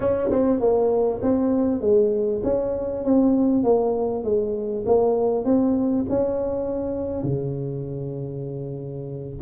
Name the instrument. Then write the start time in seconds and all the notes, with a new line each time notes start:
tuba
0.00 C#4
0.30 C4
0.60 A#3
1.21 C4
1.80 G#3
2.43 C#4
3.04 C4
3.63 A#3
4.23 G#3
4.86 A#3
5.44 C4
6.09 C#4
7.23 C#3